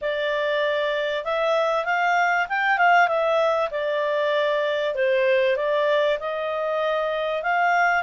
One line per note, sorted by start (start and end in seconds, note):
0.01 1.24 D5
1.24 1.85 E5
1.85 2.47 F5
2.49 2.78 G5
2.78 3.08 F5
3.08 3.69 E5
3.71 4.94 D5
4.94 5.56 C5
5.56 6.18 D5
6.19 7.42 D#5
7.42 8.03 F5